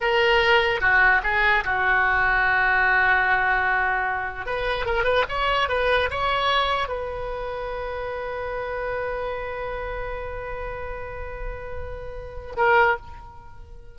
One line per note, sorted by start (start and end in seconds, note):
0.01 0.81 A#4
0.81 1.21 F#4
1.23 1.63 G#4
1.64 4.46 F#4
4.46 4.85 B4
4.85 5.04 A#4
5.04 5.24 B4
5.28 5.68 C#5
5.68 6.09 B4
6.10 6.88 C#5
6.88 12.56 B4
12.56 12.96 A#4